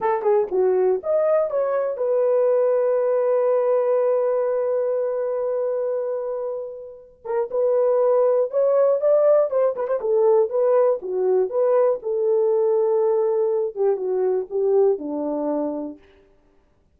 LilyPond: \new Staff \with { instrumentName = "horn" } { \time 4/4 \tempo 4 = 120 a'8 gis'8 fis'4 dis''4 cis''4 | b'1~ | b'1~ | b'2~ b'8 ais'8 b'4~ |
b'4 cis''4 d''4 c''8 b'16 c''16 | a'4 b'4 fis'4 b'4 | a'2.~ a'8 g'8 | fis'4 g'4 d'2 | }